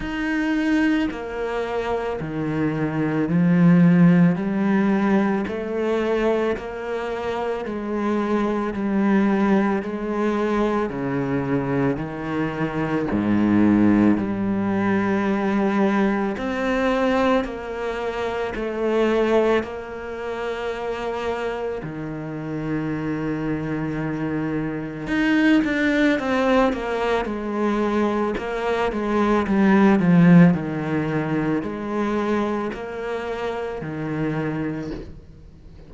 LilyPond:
\new Staff \with { instrumentName = "cello" } { \time 4/4 \tempo 4 = 55 dis'4 ais4 dis4 f4 | g4 a4 ais4 gis4 | g4 gis4 cis4 dis4 | gis,4 g2 c'4 |
ais4 a4 ais2 | dis2. dis'8 d'8 | c'8 ais8 gis4 ais8 gis8 g8 f8 | dis4 gis4 ais4 dis4 | }